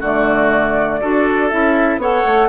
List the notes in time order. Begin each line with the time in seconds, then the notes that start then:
0.00 D3 A3 F#4 D5
1.01 D4 F#4 A4
1.49 C#4 E4 E5
1.97 B3 A4 C#5 F#5
2.25 A3